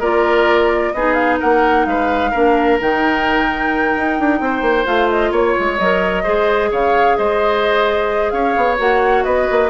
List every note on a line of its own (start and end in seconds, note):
0.00 0.92 A#3
0.00 0.94 F4
0.00 0.92 A#4
0.00 0.94 D5
0.94 1.40 B3
0.94 2.34 D#4
0.94 1.40 G#4
0.94 1.14 D#5
1.14 1.37 F5
1.40 1.86 A#3
1.40 1.86 A#4
1.40 1.86 F#5
1.86 2.33 G#3
1.86 2.31 B4
1.86 2.79 F5
2.31 2.81 A#3
2.31 2.80 D4
2.31 4.39 A#4
2.80 3.96 D#3
2.80 4.85 D#4
2.80 4.86 G5
3.97 4.20 D#4
4.20 4.40 D4
4.40 4.62 C4
4.40 5.32 C5
4.62 4.85 A#3
4.85 5.32 A3
4.85 5.77 F4
4.85 5.09 F5
5.10 5.33 D#5
5.32 5.55 A#3
5.32 6.23 C#5
5.32 5.79 C#5
5.60 5.80 G#3
5.79 6.26 F#3
5.79 6.24 A#4
5.79 6.71 D#5
6.23 6.72 G#3
6.23 8.78 G#4
6.23 6.70 C5
6.71 7.18 C#3
6.71 7.17 C#5
6.71 7.17 F5
7.17 8.33 G#3
7.17 8.33 C5
7.17 8.30 D#5
8.30 8.56 C#4
8.30 9.24 C#5
8.30 8.77 F5
8.57 8.79 B3
8.78 9.25 A#3
8.78 9.70 F#4
8.78 9.24 F#5
9.24 9.49 B3
9.24 9.70 B4
9.24 9.70 D#5
9.51 9.71 A#3